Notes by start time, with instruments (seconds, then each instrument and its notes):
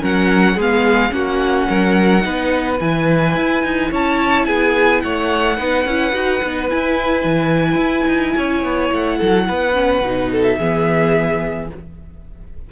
0.00 cello F#3, viola C#4, violin A#4 F#5
0.55 cello G#3, viola B3, violin G#4 F5
1.10 cello A#3, viola C#4, violin F#4 F#5
1.69 cello F#3, violin A#4
2.21 cello B3, viola D#4, violin B4
2.80 cello E3, viola E4, violin G#5
3.36 cello E4
3.63 cello D#4
3.91 cello C#4, violin C#5 A5
4.45 cello B3, violin G#4 G#5
5.01 cello A3, violin C#5 F#5
5.56 cello B3, viola D#4, violin B4
5.85 cello C#4, viola E4
6.12 cello D#4, viola F#4
6.43 cello B3, viola D#4
6.69 viola E4, cello E4, violin G#5
7.24 cello E3
7.75 cello E4
8.07 cello D#4
8.36 cello C#4, violin C#5
8.63 cello B3
8.92 cello A3, violin F#5
9.17 cello F#3, violin A4
9.48 cello B3, violin B4
9.73 viola C#4
10.01 cello B2, viola D#4
10.31 violin A4
10.43 violin E5
10.58 cello E3, viola B3, violin G#4